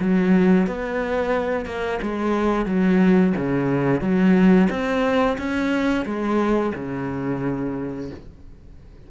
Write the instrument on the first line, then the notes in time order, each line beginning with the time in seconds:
cello
0.00 F#3
0.67 B3
1.65 A#3
2.02 G#3
2.66 F#3
3.37 C#3
4.01 F#3
4.70 C4
5.38 C#4
6.06 G#3
6.75 C#3